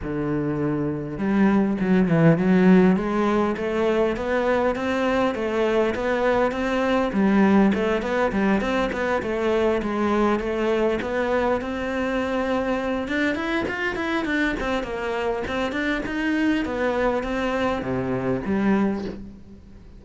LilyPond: \new Staff \with { instrumentName = "cello" } { \time 4/4 \tempo 4 = 101 d2 g4 fis8 e8 | fis4 gis4 a4 b4 | c'4 a4 b4 c'4 | g4 a8 b8 g8 c'8 b8 a8~ |
a8 gis4 a4 b4 c'8~ | c'2 d'8 e'8 f'8 e'8 | d'8 c'8 ais4 c'8 d'8 dis'4 | b4 c'4 c4 g4 | }